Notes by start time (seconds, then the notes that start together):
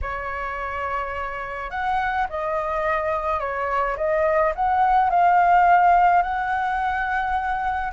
0.01 C#5
1.70 F#5
2.29 D#5
3.40 C#5
3.96 D#5
4.55 F#5
5.10 F5
6.22 F#5